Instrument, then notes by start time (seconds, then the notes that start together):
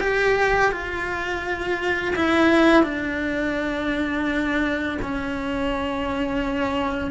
cello
0.00 G4
0.71 F4
2.16 E4
2.83 D4
5.02 C#4